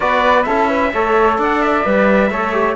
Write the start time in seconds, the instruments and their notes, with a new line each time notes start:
0.00 cello B3, trombone F#4, flute B4, trumpet D5
0.43 cello C#4, trombone E4, flute A4, trumpet E5
0.68 flute B4
0.93 cello A3, trombone A4, flute C#5
1.37 cello D4, flute D5, trumpet F#5
1.62 trumpet E5
1.84 cello G3, trombone B4
2.29 cello A3, trombone A4, flute C#5
2.53 trombone G4